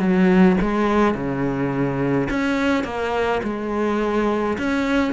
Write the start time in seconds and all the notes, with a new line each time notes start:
0.00 F#3
0.62 G#3
1.15 C#3
2.30 C#4
2.84 A#3
3.44 G#3
4.58 C#4